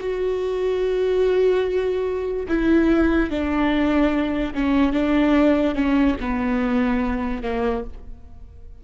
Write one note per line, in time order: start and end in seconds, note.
0.00 2.47 F#4
2.48 3.30 E4
3.30 4.54 D4
4.54 4.93 C#4
4.93 5.75 D4
5.75 6.16 C#4
6.20 7.43 B3
7.43 7.84 A#3